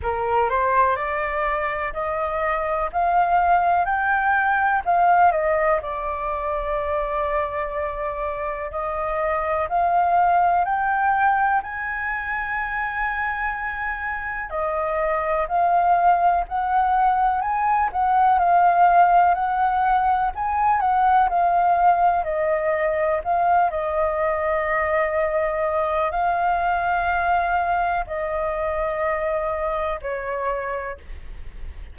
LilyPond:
\new Staff \with { instrumentName = "flute" } { \time 4/4 \tempo 4 = 62 ais'8 c''8 d''4 dis''4 f''4 | g''4 f''8 dis''8 d''2~ | d''4 dis''4 f''4 g''4 | gis''2. dis''4 |
f''4 fis''4 gis''8 fis''8 f''4 | fis''4 gis''8 fis''8 f''4 dis''4 | f''8 dis''2~ dis''8 f''4~ | f''4 dis''2 cis''4 | }